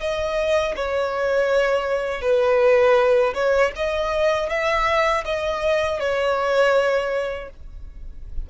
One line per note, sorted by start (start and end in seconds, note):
0.00 0.75 D#5
0.76 2.21 C#5
2.21 3.34 B4
3.34 3.72 C#5
3.76 4.49 D#5
4.49 5.24 E5
5.25 6.00 D#5
6.00 7.50 C#5